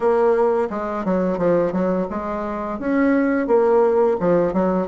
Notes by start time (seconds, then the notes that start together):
0.00 A#3
0.69 G#3
1.04 F#3
1.38 F3
1.72 F#3
2.10 G#3
2.79 C#4
3.47 A#3
4.20 F3
4.53 F#3